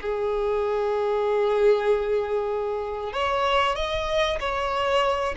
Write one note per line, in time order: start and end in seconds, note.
0.00 3.12 G#4
3.12 3.75 C#5
3.75 4.38 D#5
4.40 5.34 C#5